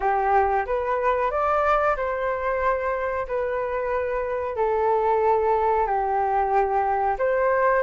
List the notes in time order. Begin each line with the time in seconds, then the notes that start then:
0.00 G4
0.66 B4
1.30 D5
1.96 C5
3.27 B4
4.56 A4
5.86 G4
7.18 C5